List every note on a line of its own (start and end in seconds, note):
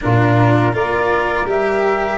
0.01 0.74 A#2
0.01 0.73 D4
0.01 0.73 F4
0.01 0.74 A#4
0.73 1.45 A#3
0.73 1.46 F4
0.73 2.18 A#4
0.73 1.47 D5
1.45 2.18 G3
1.45 2.18 G4
1.45 2.18 E5